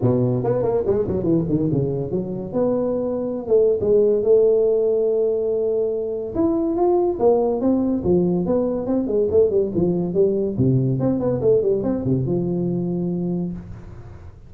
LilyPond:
\new Staff \with { instrumentName = "tuba" } { \time 4/4 \tempo 4 = 142 b,4 b8 ais8 gis8 fis8 e8 dis8 | cis4 fis4 b2~ | b16 a8. gis4 a2~ | a2. e'4 |
f'4 ais4 c'4 f4 | b4 c'8 gis8 a8 g8 f4 | g4 c4 c'8 b8 a8 g8 | c'8 c8 f2. | }